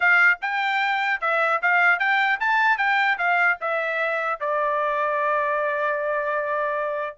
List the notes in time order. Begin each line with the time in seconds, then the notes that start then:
0.00 F5
0.41 G5
1.20 E5
1.61 F5
1.99 G5
2.40 A5
2.77 G5
3.18 F5
3.60 E5
4.39 D5